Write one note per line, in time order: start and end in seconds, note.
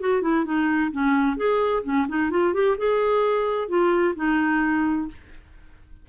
0.00 0.22 F#4
0.22 0.45 E4
0.45 0.91 D#4
0.92 1.37 C#4
1.37 1.83 G#4
1.84 2.07 C#4
2.09 2.31 D#4
2.31 2.54 F4
2.54 2.77 G4
2.78 3.69 G#4
3.69 4.15 F4
4.16 5.08 D#4